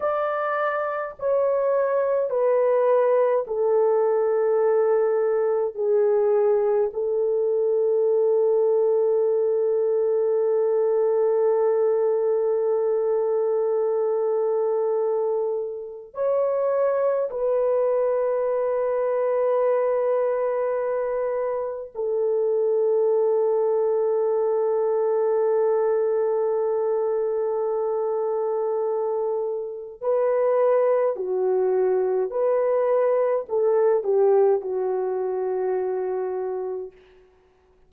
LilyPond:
\new Staff \with { instrumentName = "horn" } { \time 4/4 \tempo 4 = 52 d''4 cis''4 b'4 a'4~ | a'4 gis'4 a'2~ | a'1~ | a'2 cis''4 b'4~ |
b'2. a'4~ | a'1~ | a'2 b'4 fis'4 | b'4 a'8 g'8 fis'2 | }